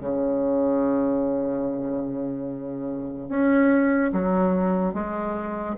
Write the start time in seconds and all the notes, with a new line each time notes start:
0.00 C#3
3.29 C#4
4.12 F#3
4.94 G#3